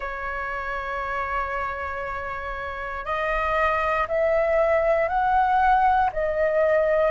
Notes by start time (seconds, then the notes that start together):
0.00 C#5
3.05 D#5
4.08 E5
5.08 F#5
6.12 D#5